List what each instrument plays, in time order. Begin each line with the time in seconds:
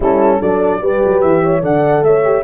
0.00 tuba G3, horn C#4 E4, flute A4
0.38 tuba F#3, horn D4 A4, flute D5
0.81 tuba G3, horn G4 B4
1.05 tuba F#3
1.20 tuba E3, flute E5
1.43 horn C#5
1.61 tuba D3, horn A4 D5, flute F#5
2.01 tuba A3, horn C#5, flute E5
2.24 horn G4